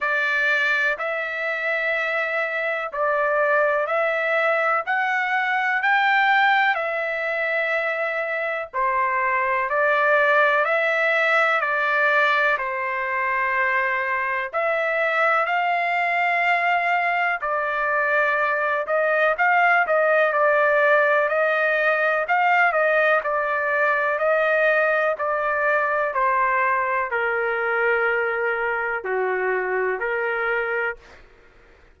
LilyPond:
\new Staff \with { instrumentName = "trumpet" } { \time 4/4 \tempo 4 = 62 d''4 e''2 d''4 | e''4 fis''4 g''4 e''4~ | e''4 c''4 d''4 e''4 | d''4 c''2 e''4 |
f''2 d''4. dis''8 | f''8 dis''8 d''4 dis''4 f''8 dis''8 | d''4 dis''4 d''4 c''4 | ais'2 fis'4 ais'4 | }